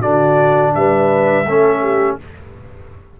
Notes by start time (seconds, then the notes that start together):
0.00 D3 D4 F#4 D5
0.74 G3 B4 E5
1.45 A3 C#4 A4
1.82 G4